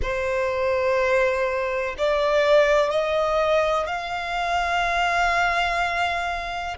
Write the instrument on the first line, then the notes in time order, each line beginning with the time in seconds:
violin
0.02 C5
1.98 D5
2.90 D#5
3.87 F5